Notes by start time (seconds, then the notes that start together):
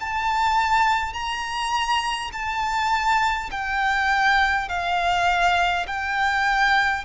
0.00 A5
1.13 A#5
2.32 A5
3.51 G5
4.68 F5
5.87 G5